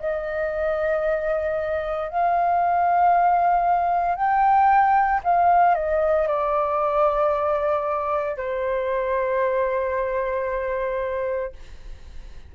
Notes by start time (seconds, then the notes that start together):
0.00 D#5
2.10 F5
4.15 G5
5.24 F5
5.75 D#5
6.28 D5
8.37 C5